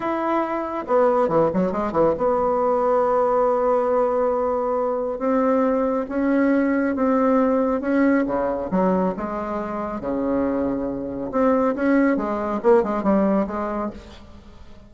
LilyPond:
\new Staff \with { instrumentName = "bassoon" } { \time 4/4 \tempo 4 = 138 e'2 b4 e8 fis8 | gis8 e8 b2.~ | b1 | c'2 cis'2 |
c'2 cis'4 cis4 | fis4 gis2 cis4~ | cis2 c'4 cis'4 | gis4 ais8 gis8 g4 gis4 | }